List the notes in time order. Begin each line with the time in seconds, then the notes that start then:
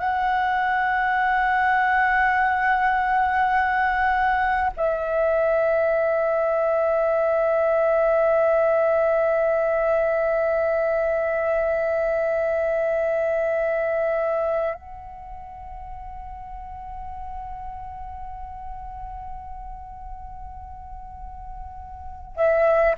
0.00 F#5
4.77 E5
14.75 F#5
22.36 E5